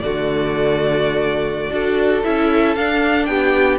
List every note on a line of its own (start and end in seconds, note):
0.00 1.70 D3
0.00 1.70 A3
0.00 1.73 F#4
0.00 2.22 D5
1.70 2.22 D4
1.70 2.22 F#4
1.70 3.29 A4
2.23 2.76 C#4
2.23 2.76 E4
2.23 2.75 E5
2.75 3.27 D4
2.75 3.79 D4
2.75 3.25 F5
3.25 3.79 B3
3.25 3.79 G4
3.25 3.77 G5